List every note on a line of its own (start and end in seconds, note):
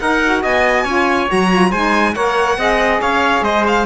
0.00 0.22 D#4
0.00 0.43 D#4
0.00 0.42 A#4
0.00 0.43 F#5
0.24 0.87 F#4
0.42 0.85 B3
0.42 0.84 D#5
0.42 1.31 G#5
0.84 1.28 C#4
0.84 1.28 F4
0.84 1.71 C#5
1.28 1.72 F#3
1.28 1.50 F#4
1.28 1.72 A#5
1.51 1.73 F4
1.71 2.16 G#3
1.71 2.15 D#4
1.71 2.14 C5
1.71 2.14 G#5
2.14 2.58 A#3
2.14 2.58 A#4
2.14 2.58 C#5
2.14 3.01 F#5
2.58 3.01 C4
2.58 3.86 G#4
2.58 3.01 D#5
3.01 3.41 C#4
3.01 3.44 C#5
3.01 3.44 F5
3.41 3.85 G#3
3.41 3.86 C5
3.41 3.65 D#5
3.67 3.86 F5